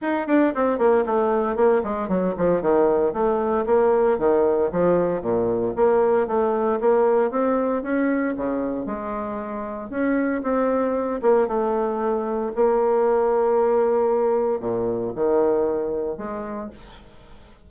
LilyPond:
\new Staff \with { instrumentName = "bassoon" } { \time 4/4 \tempo 4 = 115 dis'8 d'8 c'8 ais8 a4 ais8 gis8 | fis8 f8 dis4 a4 ais4 | dis4 f4 ais,4 ais4 | a4 ais4 c'4 cis'4 |
cis4 gis2 cis'4 | c'4. ais8 a2 | ais1 | ais,4 dis2 gis4 | }